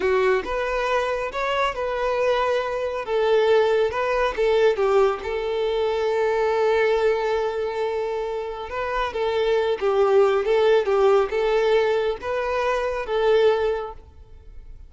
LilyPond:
\new Staff \with { instrumentName = "violin" } { \time 4/4 \tempo 4 = 138 fis'4 b'2 cis''4 | b'2. a'4~ | a'4 b'4 a'4 g'4 | a'1~ |
a'1 | b'4 a'4. g'4. | a'4 g'4 a'2 | b'2 a'2 | }